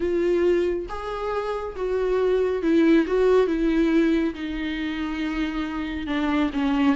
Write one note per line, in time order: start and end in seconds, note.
0.00 0.86 F4
0.88 1.75 G#4
1.75 2.62 F#4
2.62 3.06 E4
3.07 3.47 F#4
3.47 4.34 E4
4.34 6.07 D#4
6.07 6.50 D4
6.53 6.95 C#4